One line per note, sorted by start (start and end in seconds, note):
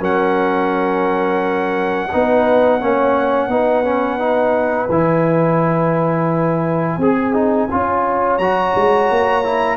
0.00 2.10 F#3
0.00 2.09 C#4
0.00 2.10 A#4
0.00 4.91 F#5
2.13 2.83 B3
2.13 2.81 D#4
2.13 2.81 B4
2.81 3.48 A#3
2.81 3.51 C#4
2.81 3.50 C#5
3.48 4.88 B3
3.48 3.85 D#4
3.48 6.99 B4
3.85 4.19 C#4
4.19 4.89 D#4
4.90 6.98 E3
4.90 7.01 E4
4.90 8.39 G#5
6.98 7.68 C4
6.98 7.69 G#4
6.98 7.34 G#4
7.34 7.69 D#4
7.71 8.39 C#4
7.71 8.41 F4
7.71 9.78 C#5
8.39 8.74 F#3
8.39 9.44 F#4
8.39 9.78 A#5
8.76 9.10 G#3
9.11 9.78 A#3
9.44 9.78 E4